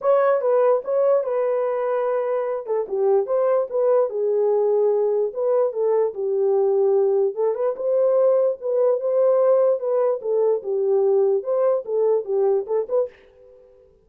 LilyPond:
\new Staff \with { instrumentName = "horn" } { \time 4/4 \tempo 4 = 147 cis''4 b'4 cis''4 b'4~ | b'2~ b'8 a'8 g'4 | c''4 b'4 gis'2~ | gis'4 b'4 a'4 g'4~ |
g'2 a'8 b'8 c''4~ | c''4 b'4 c''2 | b'4 a'4 g'2 | c''4 a'4 g'4 a'8 b'8 | }